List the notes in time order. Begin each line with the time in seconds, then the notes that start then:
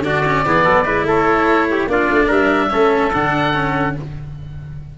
0.00 D3 D4 F#4 D5
0.26 C#4
0.46 E3 B3 G#4
0.64 F#3 A4
0.85 G#3 E4 B4
1.04 A3 A4 C#5
1.71 G4
1.88 A#3 D4 F4 D5
2.11 A3
2.27 G3 A#4 E5
2.71 A3 C#4 A4
3.13 D3 D4 F#5
3.54 C#4